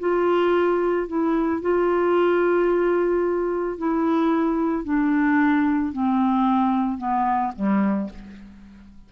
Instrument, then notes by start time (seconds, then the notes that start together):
clarinet
0.00 F4
1.08 E4
1.62 F4
3.78 E4
4.85 D4
5.93 C4
6.98 B3
7.56 G3